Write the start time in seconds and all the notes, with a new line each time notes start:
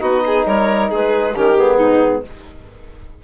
0.00 B3 D#4 F#4 D#5
0.26 G#4
0.46 G3 A#4 C#5
0.90 G#3 G#4 B4
1.35 D#3 C#4 G4 A#4
1.56 B3 G#4
1.77 G#2 D#4